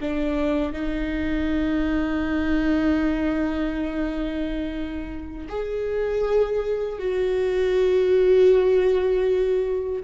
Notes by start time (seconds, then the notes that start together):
0.00 D4
0.72 D#4
5.49 G#4
6.98 F#4